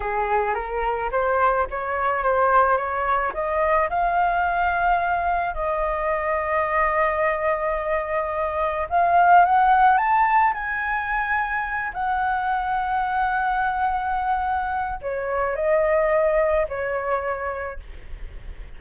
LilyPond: \new Staff \with { instrumentName = "flute" } { \time 4/4 \tempo 4 = 108 gis'4 ais'4 c''4 cis''4 | c''4 cis''4 dis''4 f''4~ | f''2 dis''2~ | dis''1 |
f''4 fis''4 a''4 gis''4~ | gis''4. fis''2~ fis''8~ | fis''2. cis''4 | dis''2 cis''2 | }